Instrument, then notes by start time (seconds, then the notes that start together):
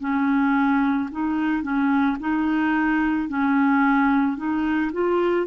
clarinet
0.00 C#4
1.12 D#4
1.62 C#4
2.20 D#4
3.28 C#4
4.37 D#4
4.92 F4